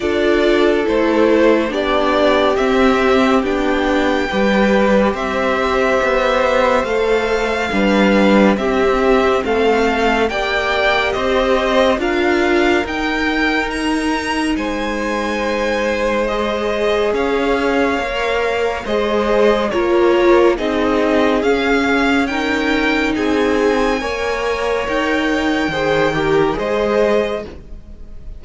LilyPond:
<<
  \new Staff \with { instrumentName = "violin" } { \time 4/4 \tempo 4 = 70 d''4 c''4 d''4 e''4 | g''2 e''2 | f''2 e''4 f''4 | g''4 dis''4 f''4 g''4 |
ais''4 gis''2 dis''4 | f''2 dis''4 cis''4 | dis''4 f''4 g''4 gis''4~ | gis''4 g''2 dis''4 | }
  \new Staff \with { instrumentName = "violin" } { \time 4/4 a'2 g'2~ | g'4 b'4 c''2~ | c''4 b'4 g'4 a'4 | d''4 c''4 ais'2~ |
ais'4 c''2. | cis''2 c''4 ais'4 | gis'2 ais'4 gis'4 | cis''2 c''8 ais'8 c''4 | }
  \new Staff \with { instrumentName = "viola" } { \time 4/4 f'4 e'4 d'4 c'4 | d'4 g'2. | a'4 d'4 c'2 | g'2 f'4 dis'4~ |
dis'2. gis'4~ | gis'4 ais'4 gis'4 f'4 | dis'4 cis'4 dis'2 | ais'2 gis'8 g'8 gis'4 | }
  \new Staff \with { instrumentName = "cello" } { \time 4/4 d'4 a4 b4 c'4 | b4 g4 c'4 b4 | a4 g4 c'4 a4 | ais4 c'4 d'4 dis'4~ |
dis'4 gis2. | cis'4 ais4 gis4 ais4 | c'4 cis'2 c'4 | ais4 dis'4 dis4 gis4 | }
>>